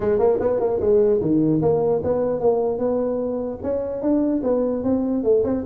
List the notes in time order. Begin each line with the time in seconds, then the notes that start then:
0.00 G#3
0.18 A#3
0.40 B3
0.59 A#3
0.80 G#3
1.21 D#3
1.61 A#3
2.03 B3
2.39 A#3
2.78 B3
3.62 C#4
4.02 D4
4.43 B3
4.83 C4
5.23 A3
5.44 C4